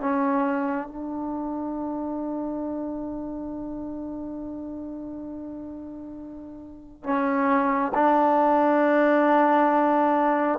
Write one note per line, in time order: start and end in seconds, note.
0.00 0.87 C#4
0.87 7.03 D4
7.03 7.92 C#4
7.94 10.59 D4